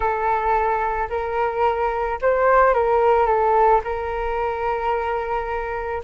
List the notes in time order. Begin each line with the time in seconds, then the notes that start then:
0.00 A4
1.09 A#4
2.21 C5
2.73 A#4
3.26 A4
3.84 A#4